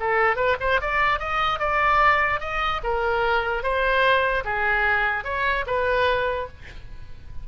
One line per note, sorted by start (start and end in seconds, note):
0.00 0.36 A4
0.36 0.57 B4
0.61 0.81 C5
0.81 1.20 D5
1.20 1.60 D#5
1.60 2.40 D5
2.40 2.81 D#5
2.84 3.63 A#4
3.63 4.44 C5
4.45 5.25 G#4
5.25 5.65 C#5
5.67 6.48 B4